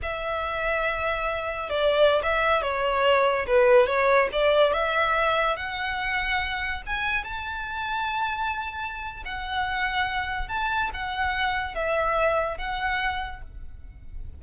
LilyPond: \new Staff \with { instrumentName = "violin" } { \time 4/4 \tempo 4 = 143 e''1 | d''4~ d''16 e''4 cis''4.~ cis''16~ | cis''16 b'4 cis''4 d''4 e''8.~ | e''4~ e''16 fis''2~ fis''8.~ |
fis''16 gis''4 a''2~ a''8.~ | a''2 fis''2~ | fis''4 a''4 fis''2 | e''2 fis''2 | }